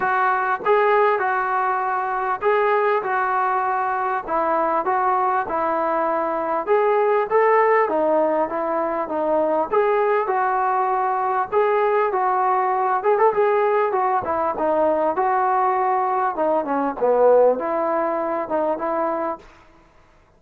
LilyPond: \new Staff \with { instrumentName = "trombone" } { \time 4/4 \tempo 4 = 99 fis'4 gis'4 fis'2 | gis'4 fis'2 e'4 | fis'4 e'2 gis'4 | a'4 dis'4 e'4 dis'4 |
gis'4 fis'2 gis'4 | fis'4. gis'16 a'16 gis'4 fis'8 e'8 | dis'4 fis'2 dis'8 cis'8 | b4 e'4. dis'8 e'4 | }